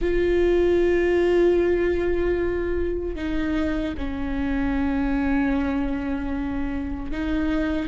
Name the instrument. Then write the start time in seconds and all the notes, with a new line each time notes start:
viola
0.01 F4
3.15 D#4
3.97 C#4
7.11 D#4